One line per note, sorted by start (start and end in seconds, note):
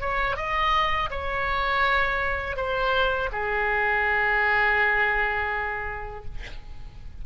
0.00 0.36 C#5
0.36 1.09 D#5
1.10 2.56 C#5
2.56 3.29 C5
3.32 6.25 G#4